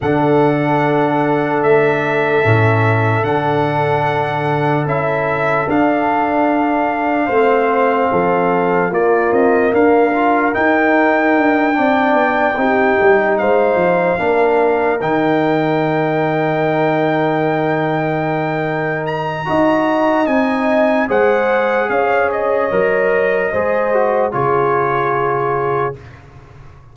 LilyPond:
<<
  \new Staff \with { instrumentName = "trumpet" } { \time 4/4 \tempo 4 = 74 fis''2 e''2 | fis''2 e''4 f''4~ | f''2. d''8 dis''8 | f''4 g''2.~ |
g''8 f''2 g''4.~ | g''2.~ g''8 ais''8~ | ais''4 gis''4 fis''4 f''8 dis''8~ | dis''2 cis''2 | }
  \new Staff \with { instrumentName = "horn" } { \time 4/4 a'1~ | a'1~ | a'4 c''4 a'4 f'4 | ais'2~ ais'8 d''4 g'8~ |
g'8 c''4 ais'2~ ais'8~ | ais'1 | dis''2 c''4 cis''4~ | cis''4 c''4 gis'2 | }
  \new Staff \with { instrumentName = "trombone" } { \time 4/4 d'2. cis'4 | d'2 e'4 d'4~ | d'4 c'2 ais4~ | ais8 f'8 dis'4. d'4 dis'8~ |
dis'4. d'4 dis'4.~ | dis'1 | fis'4 dis'4 gis'2 | ais'4 gis'8 fis'8 f'2 | }
  \new Staff \with { instrumentName = "tuba" } { \time 4/4 d2 a4 a,4 | d2 cis'4 d'4~ | d'4 a4 f4 ais8 c'8 | d'4 dis'4 d'8 c'8 b8 c'8 |
g8 gis8 f8 ais4 dis4.~ | dis1 | dis'4 c'4 gis4 cis'4 | fis4 gis4 cis2 | }
>>